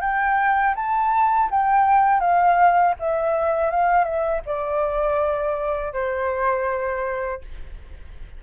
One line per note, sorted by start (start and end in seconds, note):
0.00 0.74 G5
0.75 1.49 A5
1.50 2.20 G5
2.20 2.94 F5
2.99 3.70 E5
3.70 4.04 F5
4.04 4.41 E5
4.45 5.93 D5
5.93 7.41 C5